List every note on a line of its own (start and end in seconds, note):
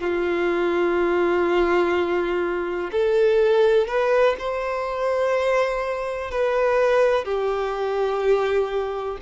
0.00 2.90 F4
2.92 3.87 A4
3.87 4.35 B4
4.39 6.31 C5
6.31 7.25 B4
7.25 9.18 G4